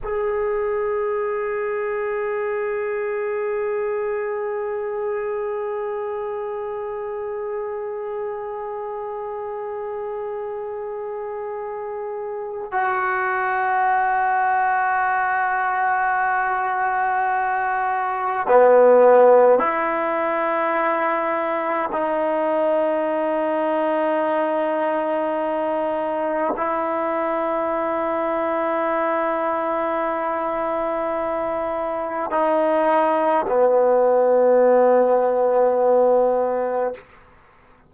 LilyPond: \new Staff \with { instrumentName = "trombone" } { \time 4/4 \tempo 4 = 52 gis'1~ | gis'1~ | gis'2. fis'4~ | fis'1 |
b4 e'2 dis'4~ | dis'2. e'4~ | e'1 | dis'4 b2. | }